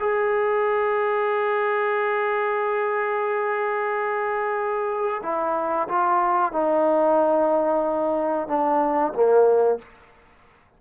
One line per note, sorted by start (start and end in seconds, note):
0.00 5.22 G#4
5.23 5.88 E4
5.88 6.52 F4
6.52 8.48 D#4
8.48 9.13 D4
9.14 9.79 A#3